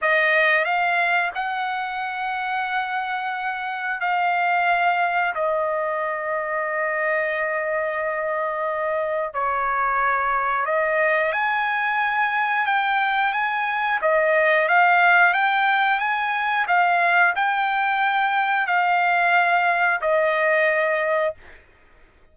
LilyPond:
\new Staff \with { instrumentName = "trumpet" } { \time 4/4 \tempo 4 = 90 dis''4 f''4 fis''2~ | fis''2 f''2 | dis''1~ | dis''2 cis''2 |
dis''4 gis''2 g''4 | gis''4 dis''4 f''4 g''4 | gis''4 f''4 g''2 | f''2 dis''2 | }